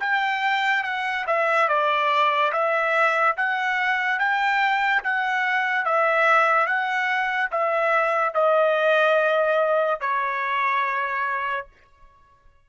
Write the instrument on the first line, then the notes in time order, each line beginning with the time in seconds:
trumpet
0.00 G5
0.83 F#5
1.27 E5
1.69 D5
2.52 E5
3.37 F#5
4.19 G5
5.03 F#5
5.85 E5
6.67 F#5
7.51 E5
8.34 D#5
10.00 C#5